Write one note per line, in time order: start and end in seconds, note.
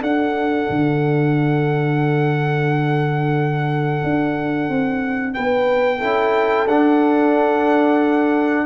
0.00 0.68 D4
0.00 6.00 D4
0.00 5.33 A4
0.00 5.34 F#5
0.69 4.03 D3
4.03 4.69 D4
4.69 5.36 C4
5.34 6.02 B3
5.34 5.98 B4
5.34 6.67 G5
5.98 6.67 C#4
5.98 6.67 E4
5.98 8.65 A4
6.67 8.66 D4
6.67 8.66 F#5